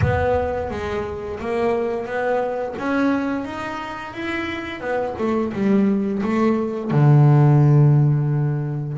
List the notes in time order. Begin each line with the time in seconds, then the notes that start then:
0.01 B3
0.70 G#3
1.39 A#3
2.05 B3
2.78 C#4
3.45 D#4
4.13 E4
4.80 B3
5.18 A3
5.53 G3
6.22 A3
6.90 D3